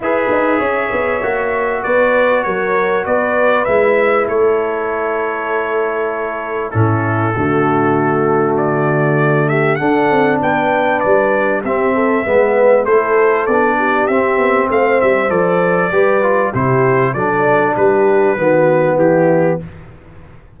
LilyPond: <<
  \new Staff \with { instrumentName = "trumpet" } { \time 4/4 \tempo 4 = 98 e''2. d''4 | cis''4 d''4 e''4 cis''4~ | cis''2. a'4~ | a'2 d''4. e''8 |
fis''4 g''4 d''4 e''4~ | e''4 c''4 d''4 e''4 | f''8 e''8 d''2 c''4 | d''4 b'2 g'4 | }
  \new Staff \with { instrumentName = "horn" } { \time 4/4 b'4 cis''2 b'4 | ais'4 b'2 a'4~ | a'2. e'4 | fis'2.~ fis'8 g'8 |
a'4 b'2 g'8 a'8 | b'4 a'4. g'4. | c''2 b'4 g'4 | a'4 g'4 fis'4 e'4 | }
  \new Staff \with { instrumentName = "trombone" } { \time 4/4 gis'2 fis'2~ | fis'2 e'2~ | e'2. cis'4 | a1 |
d'2. c'4 | b4 e'4 d'4 c'4~ | c'4 a'4 g'8 f'8 e'4 | d'2 b2 | }
  \new Staff \with { instrumentName = "tuba" } { \time 4/4 e'8 dis'8 cis'8 b8 ais4 b4 | fis4 b4 gis4 a4~ | a2. a,4 | d1 |
d'8 c'8 b4 g4 c'4 | gis4 a4 b4 c'8 b8 | a8 g8 f4 g4 c4 | fis4 g4 dis4 e4 | }
>>